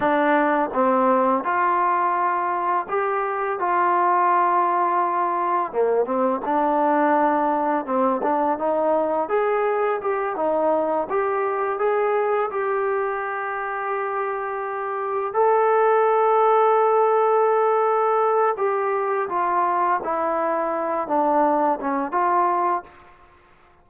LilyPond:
\new Staff \with { instrumentName = "trombone" } { \time 4/4 \tempo 4 = 84 d'4 c'4 f'2 | g'4 f'2. | ais8 c'8 d'2 c'8 d'8 | dis'4 gis'4 g'8 dis'4 g'8~ |
g'8 gis'4 g'2~ g'8~ | g'4. a'2~ a'8~ | a'2 g'4 f'4 | e'4. d'4 cis'8 f'4 | }